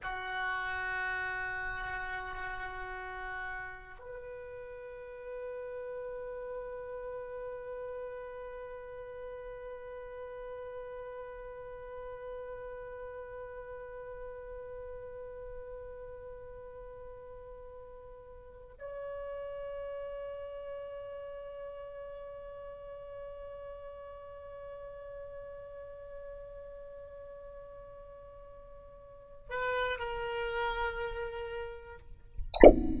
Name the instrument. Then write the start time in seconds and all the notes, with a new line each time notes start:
oboe
0.02 F#4
3.98 B4
18.79 C#5
29.50 B4
29.98 A#4